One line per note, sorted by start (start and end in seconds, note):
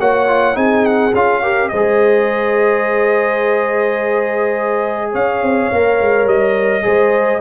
0.00 0.56 A#3
0.00 0.27 F#4
0.00 0.56 C#5
0.00 0.57 F#5
0.27 0.54 F4
0.54 1.13 C4
0.54 1.11 D#4
0.54 1.41 G#4
0.54 0.85 G#5
0.85 1.14 F#5
1.14 1.71 C#4
1.14 1.43 F4
1.14 1.69 F5
1.42 1.71 G4
1.42 1.70 A#4
1.69 5.14 G#3
1.69 5.12 C5
1.69 5.12 D#5
1.76 5.74 G#4
5.12 5.42 C#4
5.12 6.83 C#5
5.12 6.28 F5
5.42 5.71 C4
5.72 6.01 A#3
5.72 6.82 A#4
6.01 6.26 G#3
6.26 6.83 G3
6.26 7.41 D#5
6.82 7.41 G#3
6.82 7.39 G#4
6.82 7.41 C5